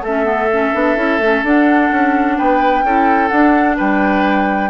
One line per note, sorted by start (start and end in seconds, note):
0.00 0.70 A3
0.00 2.37 A4
0.00 1.44 E5
0.07 0.24 C#4
0.24 0.48 B3
0.52 0.74 C#4
0.74 0.96 B3
0.74 0.96 D4
0.96 1.18 C#4
0.96 1.19 E4
1.18 1.41 A3
1.18 1.44 C#4
1.43 1.90 D4
1.43 2.84 D4
1.43 2.38 F#5
1.91 2.38 C#4
2.38 2.83 B3
2.38 2.84 B4
2.38 3.28 G5
2.83 3.30 C#4
2.83 3.30 E4
2.83 3.76 A4
3.28 4.70 D4
3.28 3.78 D4
3.28 3.75 F#5
3.76 4.70 G3
3.76 4.70 B4
3.76 4.70 G5